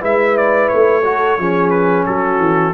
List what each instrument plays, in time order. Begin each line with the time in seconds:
0.00 tuba G#3, trombone E4, horn B4, trumpet E5
0.37 trumpet D5
0.68 tuba A3, trumpet C#5
1.04 trombone F#4, horn A4
1.38 tuba F3, trombone C#4, horn G#4
1.70 trumpet B4
2.06 tuba F#3, horn F#4, trumpet A4
2.39 tuba E3